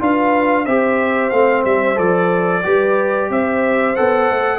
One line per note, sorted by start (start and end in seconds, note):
0.00 0.67 D4
0.00 0.66 F4
0.00 0.66 B4
0.00 0.66 F5
0.66 1.32 C4
0.66 1.33 G4
0.66 2.63 C5
0.66 1.30 E5
1.30 1.65 A3
1.30 1.96 C4
1.30 1.63 F5
1.65 1.98 G3
1.65 1.98 E5
1.96 2.65 F3
1.96 2.62 A4
1.96 3.30 D5
2.63 3.30 G3
2.63 3.95 G4
2.63 3.31 B4
3.30 3.96 C4
3.30 4.60 C5
3.30 3.96 E5
3.96 4.30 B3
3.96 4.60 A4
3.96 4.60 F#5
4.30 4.60 A3